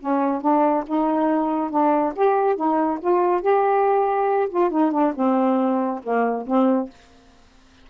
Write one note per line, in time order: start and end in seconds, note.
0.00 0.41 C#4
0.41 0.84 D4
0.86 1.70 D#4
1.70 2.13 D4
2.15 2.56 G4
2.56 2.98 D#4
3.00 3.41 F4
3.41 4.49 G4
4.49 4.70 F4
4.70 4.91 D#4
4.91 5.13 D4
5.15 6.01 C4
6.03 6.46 A#3
6.46 6.89 C4